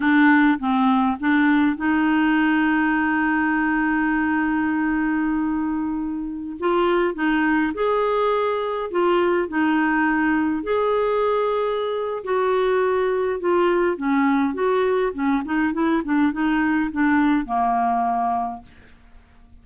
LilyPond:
\new Staff \with { instrumentName = "clarinet" } { \time 4/4 \tempo 4 = 103 d'4 c'4 d'4 dis'4~ | dis'1~ | dis'2.~ dis'16 f'8.~ | f'16 dis'4 gis'2 f'8.~ |
f'16 dis'2 gis'4.~ gis'16~ | gis'4 fis'2 f'4 | cis'4 fis'4 cis'8 dis'8 e'8 d'8 | dis'4 d'4 ais2 | }